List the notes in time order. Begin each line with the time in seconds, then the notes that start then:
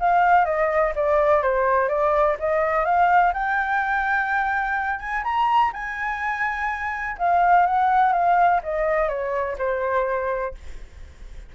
0.00 F5
0.45 D#5
0.96 D5
1.43 C5
1.89 D5
2.40 D#5
2.85 F5
3.34 G5
5.00 G#5
5.24 A#5
5.73 G#5
7.18 F5
7.66 F#5
8.13 F5
8.63 D#5
9.09 C#5
9.59 C5